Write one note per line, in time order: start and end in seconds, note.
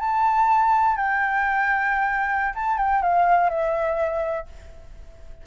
0.00 0.97 A5
0.97 2.54 G5
2.55 2.78 A5
2.78 3.02 G5
3.02 3.50 F5
3.50 4.47 E5